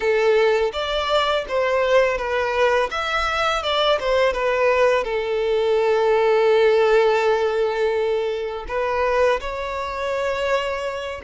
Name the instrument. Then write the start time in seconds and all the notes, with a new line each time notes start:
violin
0.00 A4
0.73 D5
1.48 C5
2.17 B4
2.90 E5
3.62 D5
3.99 C5
4.33 B4
5.04 A4
8.67 B4
9.40 C#5